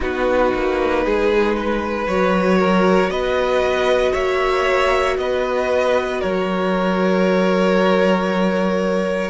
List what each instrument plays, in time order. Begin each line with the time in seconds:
0.00 cello B3, viola D#4, violin F#4 B4
0.53 cello A#3
1.04 cello G#3, violin G#4
1.56 violin B4
2.06 cello F#3, viola F#4, violin C#5
2.58 violin A#4
3.09 cello B3, violin B4 D#5
4.12 cello A#3, violin C#5 E5
5.17 cello B3, violin B4 D#5
6.20 cello F#3, violin A#4 C#5